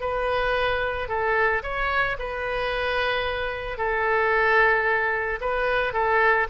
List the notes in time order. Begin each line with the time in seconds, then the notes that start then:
0.00 B4
1.08 A4
1.62 C#5
2.18 B4
3.77 A4
5.41 B4
5.93 A4